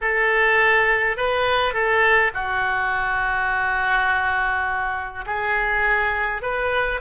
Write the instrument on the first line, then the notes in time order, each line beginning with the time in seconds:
oboe
0.01 A4
1.17 B4
1.73 A4
2.34 F#4
5.26 G#4
6.42 B4